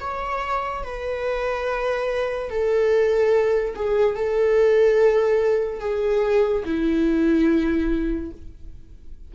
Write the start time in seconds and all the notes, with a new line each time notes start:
0.00 C#5
0.83 B4
2.49 A4
3.75 G#4
4.15 A4
5.80 G#4
6.64 E4